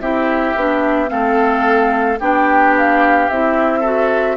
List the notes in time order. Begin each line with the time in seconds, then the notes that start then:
0.00 C4 E4 G4 E5
0.56 B3 D4
1.07 A3 C4 A4 F5
2.20 B3 D4 G4 G5
2.77 F5
3.30 C4 E4 E5
3.80 F#4 A4